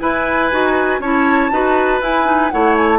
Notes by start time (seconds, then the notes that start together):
0.00 E4 B4 G#5
0.51 D#4 F#4
1.00 C#4 E4 C#5 A5
1.52 D#4 F#4 B4
2.01 E4 G#5
2.26 D#4
2.51 A3 E4 C#5 F#5
2.77 G#5
2.90 A5